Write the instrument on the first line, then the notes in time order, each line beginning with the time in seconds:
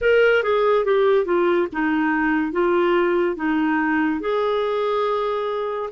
clarinet
0.01 A#4
0.43 G#4
0.85 G4
1.25 F4
1.72 D#4
2.52 F4
3.36 D#4
4.20 G#4